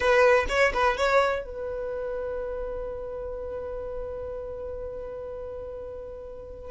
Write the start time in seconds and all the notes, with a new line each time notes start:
0.00 B4
0.48 C#5
0.73 B4
0.97 C#5
1.45 B4